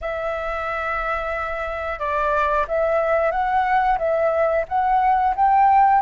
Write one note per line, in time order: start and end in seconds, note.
0.01 1.99 E5
1.99 2.65 D5
2.68 3.31 E5
3.31 3.98 F#5
3.98 4.65 E5
4.68 5.35 F#5
5.35 6.01 G5